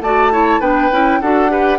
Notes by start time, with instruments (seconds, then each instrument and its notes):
0.00 bassoon A3, clarinet F#4, oboe D5, flute A5
0.31 clarinet E4, oboe C#5
0.60 bassoon B3, clarinet D4, oboe B4, flute G5
0.91 bassoon C#4, clarinet E4
1.21 bassoon D4, clarinet F#4, oboe A4, flute F#5
1.49 clarinet G4, oboe B4